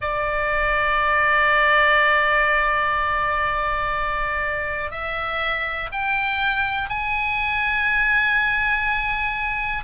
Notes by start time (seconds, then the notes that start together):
0.00 D5
4.90 E5
5.92 G5
6.89 G#5